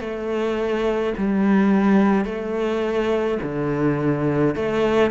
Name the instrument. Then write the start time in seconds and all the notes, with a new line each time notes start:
cello
0.00 A3
1.17 G3
2.25 A3
3.42 D3
4.55 A3